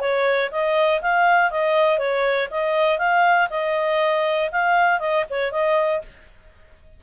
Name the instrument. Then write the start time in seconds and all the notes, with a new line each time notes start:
clarinet
0.00 C#5
0.51 D#5
1.02 F5
1.51 D#5
1.98 C#5
2.50 D#5
2.98 F5
3.50 D#5
4.52 F5
5.00 D#5
5.30 C#5
5.52 D#5